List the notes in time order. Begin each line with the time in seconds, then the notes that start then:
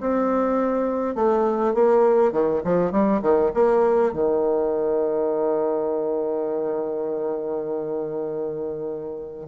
0.00 C4
1.15 A3
1.74 A#3
2.32 D#3
2.64 F3
2.91 G3
3.22 D#3
3.54 A#3
4.13 D#3